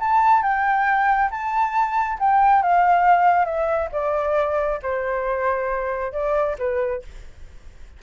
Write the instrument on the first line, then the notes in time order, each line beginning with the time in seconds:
flute
0.00 A5
0.43 G5
1.31 A5
2.20 G5
2.63 F5
3.45 E5
3.93 D5
4.83 C5
6.13 D5
6.59 B4